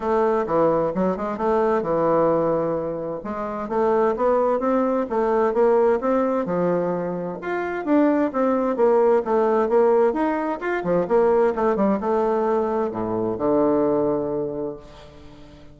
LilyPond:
\new Staff \with { instrumentName = "bassoon" } { \time 4/4 \tempo 4 = 130 a4 e4 fis8 gis8 a4 | e2. gis4 | a4 b4 c'4 a4 | ais4 c'4 f2 |
f'4 d'4 c'4 ais4 | a4 ais4 dis'4 f'8 f8 | ais4 a8 g8 a2 | a,4 d2. | }